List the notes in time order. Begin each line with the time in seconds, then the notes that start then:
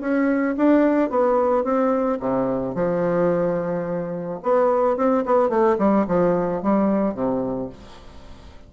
0.00 C#4
0.57 D4
1.10 B3
1.64 C4
2.20 C3
2.75 F3
4.43 B3
4.96 C4
5.25 B3
5.49 A3
5.78 G3
6.08 F3
6.62 G3
7.14 C3